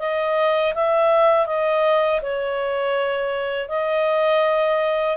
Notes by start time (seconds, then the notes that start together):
0.00 D#5
0.75 E5
1.47 D#5
2.22 C#5
3.69 D#5